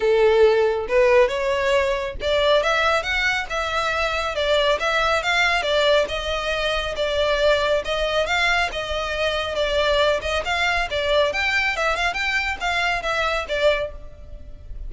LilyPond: \new Staff \with { instrumentName = "violin" } { \time 4/4 \tempo 4 = 138 a'2 b'4 cis''4~ | cis''4 d''4 e''4 fis''4 | e''2 d''4 e''4 | f''4 d''4 dis''2 |
d''2 dis''4 f''4 | dis''2 d''4. dis''8 | f''4 d''4 g''4 e''8 f''8 | g''4 f''4 e''4 d''4 | }